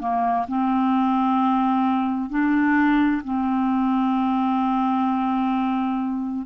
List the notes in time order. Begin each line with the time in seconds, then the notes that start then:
0.00 A#3
0.48 C4
2.30 D4
3.24 C4